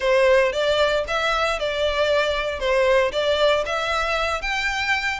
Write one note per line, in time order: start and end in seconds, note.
0.00 0.52 C5
0.52 1.04 D5
1.07 1.59 E5
1.59 2.59 D5
2.59 3.11 C5
3.12 3.64 D5
3.65 4.41 E5
4.41 5.19 G5